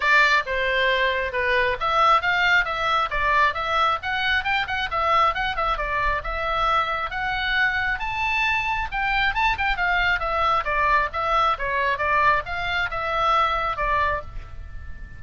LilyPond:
\new Staff \with { instrumentName = "oboe" } { \time 4/4 \tempo 4 = 135 d''4 c''2 b'4 | e''4 f''4 e''4 d''4 | e''4 fis''4 g''8 fis''8 e''4 | fis''8 e''8 d''4 e''2 |
fis''2 a''2 | g''4 a''8 g''8 f''4 e''4 | d''4 e''4 cis''4 d''4 | f''4 e''2 d''4 | }